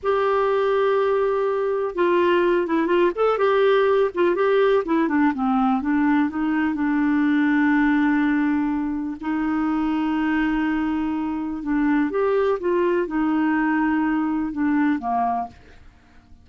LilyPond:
\new Staff \with { instrumentName = "clarinet" } { \time 4/4 \tempo 4 = 124 g'1 | f'4. e'8 f'8 a'8 g'4~ | g'8 f'8 g'4 e'8 d'8 c'4 | d'4 dis'4 d'2~ |
d'2. dis'4~ | dis'1 | d'4 g'4 f'4 dis'4~ | dis'2 d'4 ais4 | }